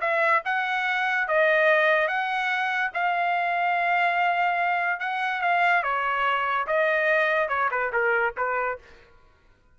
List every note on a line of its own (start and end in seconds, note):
0.00 0.42 E5
0.45 1.27 F#5
1.27 2.07 D#5
2.07 2.91 F#5
2.94 4.99 F5
4.99 5.41 F#5
5.41 5.83 F5
5.83 6.66 C#5
6.67 7.48 D#5
7.48 7.69 C#5
7.71 7.91 B4
7.92 8.34 A#4
8.37 8.78 B4